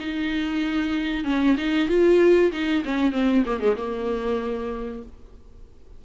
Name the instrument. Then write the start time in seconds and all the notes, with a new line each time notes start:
viola
0.00 D#4
1.25 C#4
1.57 D#4
1.89 F4
2.52 D#4
2.85 C#4
3.12 C4
3.46 A#3
3.60 G#3
3.77 A#3